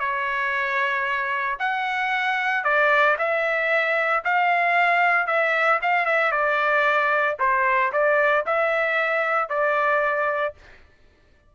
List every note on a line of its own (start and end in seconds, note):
0.00 1.58 C#5
1.60 2.64 F#5
2.64 3.17 D5
3.19 4.24 E5
4.25 5.27 F5
5.27 5.80 E5
5.82 6.06 F5
6.06 6.32 E5
6.32 7.37 D5
7.40 7.92 C5
7.93 8.45 D5
8.46 9.50 E5
9.50 10.55 D5